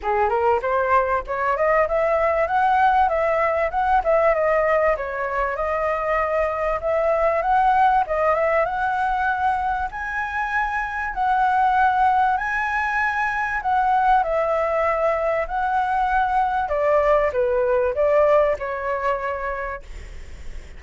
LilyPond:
\new Staff \with { instrumentName = "flute" } { \time 4/4 \tempo 4 = 97 gis'8 ais'8 c''4 cis''8 dis''8 e''4 | fis''4 e''4 fis''8 e''8 dis''4 | cis''4 dis''2 e''4 | fis''4 dis''8 e''8 fis''2 |
gis''2 fis''2 | gis''2 fis''4 e''4~ | e''4 fis''2 d''4 | b'4 d''4 cis''2 | }